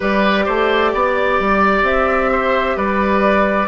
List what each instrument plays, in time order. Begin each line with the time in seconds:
0.00 bassoon G3, clarinet G4, oboe B4, flute D5
0.45 bassoon A3, oboe C5
0.94 bassoon B3, oboe D5
1.39 bassoon G3
1.82 bassoon C4, flute E5
2.31 oboe C5
2.76 bassoon G3, oboe B4, flute D5